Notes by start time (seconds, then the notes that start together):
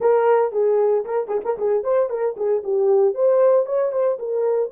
0.00 A#4
0.52 G#4
1.05 A#4
1.28 G#4
1.44 A#4
1.57 G#4
1.83 C5
2.09 A#4
2.36 G#4
2.63 G4
3.14 C5
3.65 C#5
3.92 C5
4.18 A#4